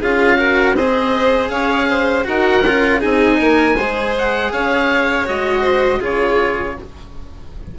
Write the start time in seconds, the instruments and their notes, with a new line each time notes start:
0.00 bassoon C#4, cello F4, violin G#4, oboe F5
0.37 cello F#4, violin A#4
0.76 bassoon C4, cello G#4, violin C5, oboe D#5
1.49 bassoon C#4, violin C#5, oboe F5
1.89 violin C5
2.24 bassoon D#4, cello F#4, violin A#4, oboe F#5
2.64 bassoon C#4, cello F4
3.00 bassoon C4, cello D#4, violin G#4, oboe G#5
3.38 bassoon A#3, violin A#4
3.76 bassoon G#3, cello G#4, violin C5
4.18 oboe F#5
4.52 bassoon C#4, violin C#5, oboe F5
5.25 bassoon G#3, cello F#4, oboe D#5
5.61 violin C5
6.00 bassoon C#3, cello F4, violin G#4, oboe C#5